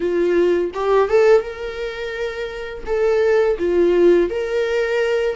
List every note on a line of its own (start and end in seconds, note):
0.00 0.71 F4
0.74 1.08 G4
1.08 1.41 A4
1.41 2.84 A#4
2.86 3.57 A4
3.58 4.30 F4
4.30 5.35 A#4